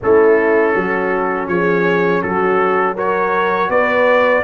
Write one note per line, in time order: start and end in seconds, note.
0.02 0.75 A3
0.02 2.96 C#4
0.02 0.74 E4
0.02 1.48 A4
0.74 1.47 F#3
0.74 1.48 F#4
1.47 2.21 F3
1.47 2.22 G#4
1.47 2.22 C#5
2.22 3.68 F#3
2.22 2.95 F#4
2.22 2.96 A4
2.95 4.43 F#4
2.95 3.69 A#4
2.95 3.70 C#5
3.68 4.42 B3
3.68 4.43 B4
3.68 4.43 D5